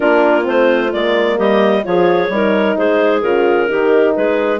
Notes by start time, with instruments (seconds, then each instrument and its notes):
0.00 bassoon A#3, horn D4, clarinet F4 A#4
0.43 bassoon A3, horn C4, clarinet C5
0.92 bassoon G#3, horn A#3, clarinet D5
1.37 bassoon G3, clarinet G4 D#5
1.83 bassoon F3, horn F4, clarinet G#4 C#5
2.29 bassoon G3, horn D#4, clarinet A#4
2.77 bassoon G#3, clarinet G#4 C5
3.22 bassoon C#3, horn F4, clarinet A#4
3.67 bassoon D#3, horn D#4, clarinet G4
4.15 bassoon G#3, clarinet G#4 B4